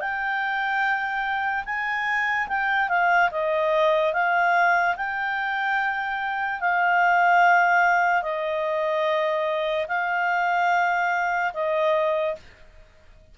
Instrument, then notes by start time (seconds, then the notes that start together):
clarinet
0.00 G5
1.66 G#5
2.48 G5
2.89 F5
3.31 D#5
4.14 F5
4.97 G5
6.61 F5
8.22 D#5
9.88 F5
11.54 D#5